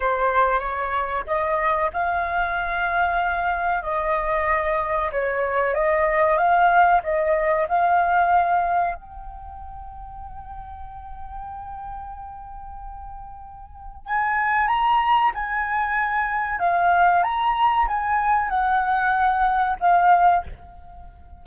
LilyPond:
\new Staff \with { instrumentName = "flute" } { \time 4/4 \tempo 4 = 94 c''4 cis''4 dis''4 f''4~ | f''2 dis''2 | cis''4 dis''4 f''4 dis''4 | f''2 g''2~ |
g''1~ | g''2 gis''4 ais''4 | gis''2 f''4 ais''4 | gis''4 fis''2 f''4 | }